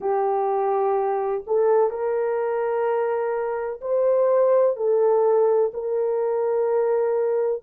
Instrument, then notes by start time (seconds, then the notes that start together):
horn
0.00 G4
1.46 A4
1.90 A#4
3.81 C5
4.76 A4
5.73 A#4